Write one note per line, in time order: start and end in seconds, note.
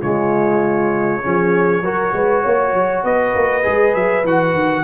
0.00 1.23 C#3
0.00 1.22 G#3
0.00 1.21 F4
0.00 3.04 C#5
1.22 1.81 F3
1.22 1.83 C#4
1.22 1.82 G#4
1.81 2.11 F#3
1.81 3.62 F#4
1.81 2.13 A#4
2.12 2.43 G#3
2.12 2.42 B4
2.42 2.73 A#3
2.42 3.02 C#5
2.73 3.03 F#3
3.03 3.34 B3
3.03 4.84 B4
3.03 3.94 D#5
3.35 3.65 A#3
3.62 3.94 G#3
3.62 4.23 G#4
3.94 4.23 F#3
3.94 4.24 E5
4.23 4.54 E3
4.23 4.84 F#4
4.23 4.84 F#5
4.54 4.84 D#3